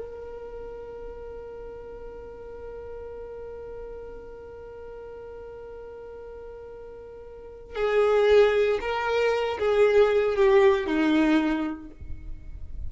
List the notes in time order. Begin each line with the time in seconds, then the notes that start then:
0.00 A#4
7.76 G#4
8.81 A#4
9.59 G#4
10.36 G4
10.87 D#4